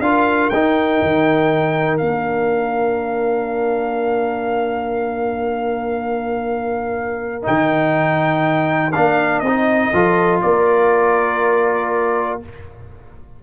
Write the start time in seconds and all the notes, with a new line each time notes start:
0.00 D4 F4 A#4 F5
0.50 D#4 G5
1.02 D#3
1.98 A#3 D4 F5
7.43 D#3 D#4 G5
8.93 A#3 D4 F5
9.40 C4 D#5
9.47 D#4
9.94 F3 F4 A4
10.42 A#3 A#4 D5